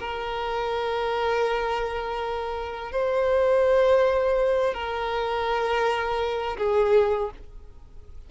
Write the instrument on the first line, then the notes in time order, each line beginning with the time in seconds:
violin
0.00 A#4
2.92 C5
4.74 A#4
6.58 G#4